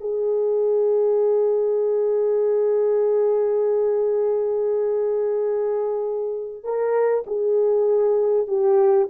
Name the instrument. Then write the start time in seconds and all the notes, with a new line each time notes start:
horn
0.00 G#4
6.63 A#4
7.26 G#4
8.47 G4